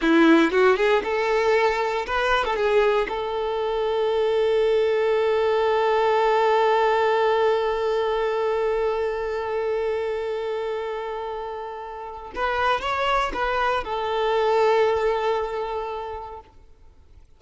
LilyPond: \new Staff \with { instrumentName = "violin" } { \time 4/4 \tempo 4 = 117 e'4 fis'8 gis'8 a'2 | b'8. a'16 gis'4 a'2~ | a'1~ | a'1~ |
a'1~ | a'1 | b'4 cis''4 b'4 a'4~ | a'1 | }